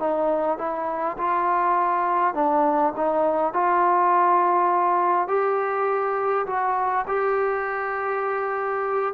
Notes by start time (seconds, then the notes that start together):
0.00 D#4
0.58 E4
1.18 F4
2.35 D4
2.97 D#4
3.54 F4
5.29 G4
6.47 F#4
7.08 G4